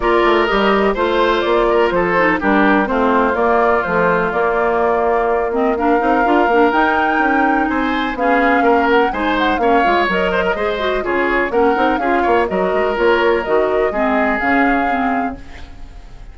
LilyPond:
<<
  \new Staff \with { instrumentName = "flute" } { \time 4/4 \tempo 4 = 125 d''4 dis''4 c''4 d''4 | c''4 ais'4 c''4 d''4 | c''4 d''2~ d''8 dis''8 | f''2 g''2 |
gis''4 f''4. fis''8 gis''8 fis''8 | f''4 dis''2 cis''4 | fis''4 f''4 dis''4 cis''4 | dis''2 f''2 | }
  \new Staff \with { instrumentName = "oboe" } { \time 4/4 ais'2 c''4. ais'8 | a'4 g'4 f'2~ | f'1 | ais'1 |
c''4 gis'4 ais'4 c''4 | cis''4. c''16 ais'16 c''4 gis'4 | ais'4 gis'8 cis''8 ais'2~ | ais'4 gis'2. | }
  \new Staff \with { instrumentName = "clarinet" } { \time 4/4 f'4 g'4 f'2~ | f'8 dis'8 d'4 c'4 ais4 | f4 ais2~ ais8 c'8 | d'8 dis'8 f'8 d'8 dis'2~ |
dis'4 cis'2 dis'4 | cis'8 f'8 ais'4 gis'8 fis'8 f'4 | cis'8 dis'8 f'4 fis'4 f'4 | fis'4 c'4 cis'4 c'4 | }
  \new Staff \with { instrumentName = "bassoon" } { \time 4/4 ais8 a8 g4 a4 ais4 | f4 g4 a4 ais4 | a4 ais2.~ | ais8 c'8 d'8 ais8 dis'4 cis'4 |
c'4 b4 ais4 gis4 | ais8 gis8 fis4 gis4 cis4 | ais8 c'8 cis'8 ais8 fis8 gis8 ais4 | dis4 gis4 cis2 | }
>>